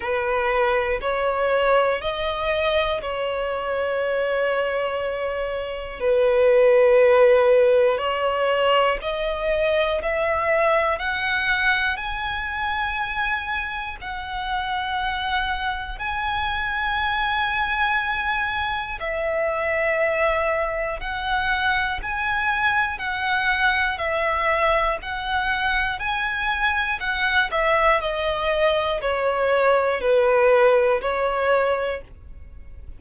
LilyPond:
\new Staff \with { instrumentName = "violin" } { \time 4/4 \tempo 4 = 60 b'4 cis''4 dis''4 cis''4~ | cis''2 b'2 | cis''4 dis''4 e''4 fis''4 | gis''2 fis''2 |
gis''2. e''4~ | e''4 fis''4 gis''4 fis''4 | e''4 fis''4 gis''4 fis''8 e''8 | dis''4 cis''4 b'4 cis''4 | }